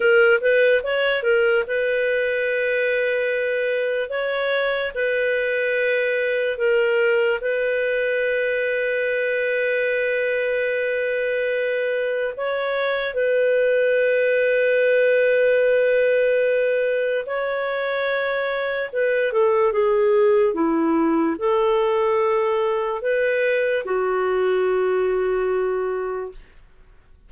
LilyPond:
\new Staff \with { instrumentName = "clarinet" } { \time 4/4 \tempo 4 = 73 ais'8 b'8 cis''8 ais'8 b'2~ | b'4 cis''4 b'2 | ais'4 b'2.~ | b'2. cis''4 |
b'1~ | b'4 cis''2 b'8 a'8 | gis'4 e'4 a'2 | b'4 fis'2. | }